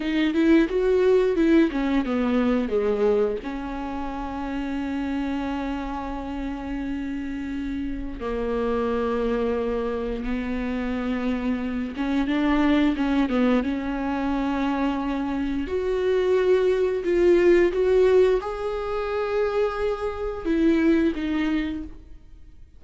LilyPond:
\new Staff \with { instrumentName = "viola" } { \time 4/4 \tempo 4 = 88 dis'8 e'8 fis'4 e'8 cis'8 b4 | gis4 cis'2.~ | cis'1 | ais2. b4~ |
b4. cis'8 d'4 cis'8 b8 | cis'2. fis'4~ | fis'4 f'4 fis'4 gis'4~ | gis'2 e'4 dis'4 | }